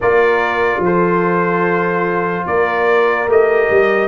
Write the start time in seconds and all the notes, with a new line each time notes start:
0.00 A#3 F4 A#4 D5
0.78 F3 A4
0.85 C5
2.46 A#3 A#4 D5
3.27 A3 G4 D#5
3.70 G3